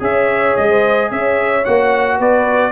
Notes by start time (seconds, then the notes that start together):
0.00 C#4 G#4 C#5 E5
0.56 G#3 D#5
0.69 C5
1.10 C#4 C#5 E5
1.65 A#3 F#4 F#5
2.18 B3 B4 D5